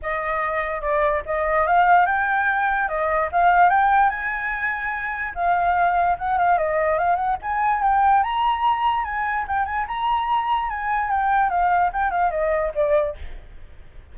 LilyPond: \new Staff \with { instrumentName = "flute" } { \time 4/4 \tempo 4 = 146 dis''2 d''4 dis''4 | f''4 g''2 dis''4 | f''4 g''4 gis''2~ | gis''4 f''2 fis''8 f''8 |
dis''4 f''8 fis''8 gis''4 g''4 | ais''2 gis''4 g''8 gis''8 | ais''2 gis''4 g''4 | f''4 g''8 f''8 dis''4 d''4 | }